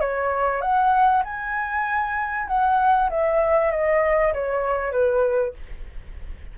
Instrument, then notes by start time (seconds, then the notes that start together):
flute
0.00 C#5
0.61 F#5
1.24 G#5
2.47 F#5
3.09 E5
3.71 D#5
4.33 C#5
4.91 B4